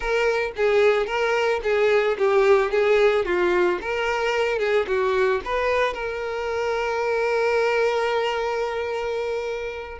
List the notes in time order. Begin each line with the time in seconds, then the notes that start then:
0.00 A#4
0.56 G#4
1.06 A#4
1.63 G#4
2.17 G4
2.71 G#4
3.25 F4
3.81 A#4
4.58 G#4
4.87 F#4
5.44 B4
5.93 A#4